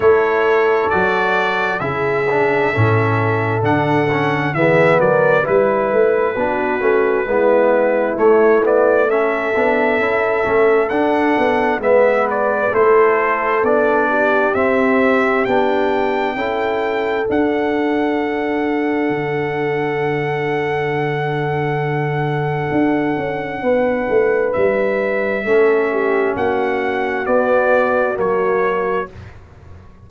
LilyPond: <<
  \new Staff \with { instrumentName = "trumpet" } { \time 4/4 \tempo 4 = 66 cis''4 d''4 e''2 | fis''4 e''8 d''8 b'2~ | b'4 cis''8 d''8 e''2 | fis''4 e''8 d''8 c''4 d''4 |
e''4 g''2 fis''4~ | fis''1~ | fis''2. e''4~ | e''4 fis''4 d''4 cis''4 | }
  \new Staff \with { instrumentName = "horn" } { \time 4/4 a'2 gis'4 a'4~ | a'4 gis'8 ais'8 b'4 fis'4 | e'2 a'2~ | a'4 b'4 a'4. g'8~ |
g'2 a'2~ | a'1~ | a'2 b'2 | a'8 g'8 fis'2. | }
  \new Staff \with { instrumentName = "trombone" } { \time 4/4 e'4 fis'4 e'8 d'8 cis'4 | d'8 cis'8 b4 e'4 d'8 cis'8 | b4 a8 b8 cis'8 d'8 e'8 cis'8 | d'4 b4 e'4 d'4 |
c'4 d'4 e'4 d'4~ | d'1~ | d'1 | cis'2 b4 ais4 | }
  \new Staff \with { instrumentName = "tuba" } { \time 4/4 a4 fis4 cis4 a,4 | d4 e8 fis8 g8 a8 b8 a8 | gis4 a4. b8 cis'8 a8 | d'8 b8 gis4 a4 b4 |
c'4 b4 cis'4 d'4~ | d'4 d2.~ | d4 d'8 cis'8 b8 a8 g4 | a4 ais4 b4 fis4 | }
>>